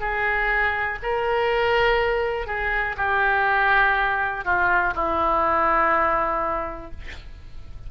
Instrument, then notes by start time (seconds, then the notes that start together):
oboe
0.00 G#4
1.02 A#4
2.46 G#4
2.97 G4
4.44 F4
4.94 E4